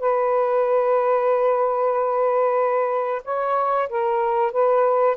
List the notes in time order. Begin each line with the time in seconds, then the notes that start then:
0.00 B4
3.25 C#5
3.89 A#4
4.52 B4